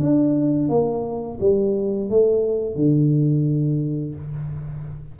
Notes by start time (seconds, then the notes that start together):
0.00 D4
0.69 A#3
1.40 G3
2.10 A3
2.76 D3